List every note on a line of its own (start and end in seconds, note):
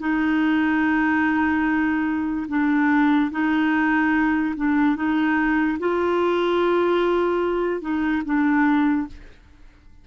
0.00 2.47 D#4
2.49 3.31 D4
3.31 4.55 D#4
4.57 4.96 D4
4.96 5.78 D#4
5.79 7.82 F4
7.82 8.23 D#4
8.25 9.07 D4